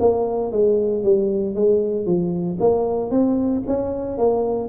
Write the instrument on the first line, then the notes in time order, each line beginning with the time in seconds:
tuba
0.00 A#3
0.52 G#3
1.03 G3
1.55 G#3
2.06 F3
2.60 A#3
3.11 C4
3.67 C#4
4.18 A#3